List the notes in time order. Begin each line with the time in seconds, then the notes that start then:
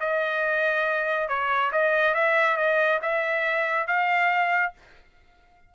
0.00 D#5
1.28 C#5
1.72 D#5
2.14 E5
2.57 D#5
3.02 E5
3.87 F5